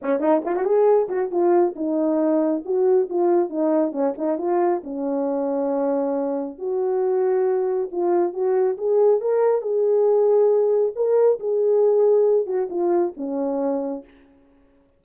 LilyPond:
\new Staff \with { instrumentName = "horn" } { \time 4/4 \tempo 4 = 137 cis'8 dis'8 f'16 fis'16 gis'4 fis'8 f'4 | dis'2 fis'4 f'4 | dis'4 cis'8 dis'8 f'4 cis'4~ | cis'2. fis'4~ |
fis'2 f'4 fis'4 | gis'4 ais'4 gis'2~ | gis'4 ais'4 gis'2~ | gis'8 fis'8 f'4 cis'2 | }